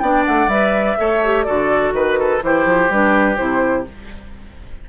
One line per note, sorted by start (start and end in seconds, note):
0.00 0.26 B3
0.00 0.50 D4
0.00 0.99 D5
0.00 0.24 G5
0.26 0.48 A3
0.26 0.49 F#5
0.48 0.96 G3
0.48 0.98 B4
0.48 1.44 E5
0.98 1.47 A3
0.98 1.22 A4
0.98 1.46 C#5
1.24 1.46 G4
1.44 1.93 D3
1.44 2.42 F#4
1.44 1.94 A4
1.44 1.92 D5
1.93 2.41 D#3
1.93 2.43 B4
1.93 2.19 B4
2.19 2.44 A4
2.43 2.65 E3
2.43 2.91 E4
2.43 3.90 G4
2.43 2.92 C5
2.65 2.89 F3
2.90 3.38 G3
2.90 3.37 D4
2.90 3.37 B4
3.37 3.88 C3
3.37 3.85 E4
3.37 3.85 C5